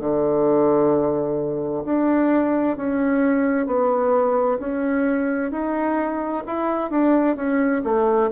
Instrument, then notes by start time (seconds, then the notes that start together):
bassoon
0.00 D3
1.85 D4
2.77 C#4
3.67 B3
4.59 C#4
5.51 D#4
6.47 E4
6.91 D4
7.36 C#4
7.85 A3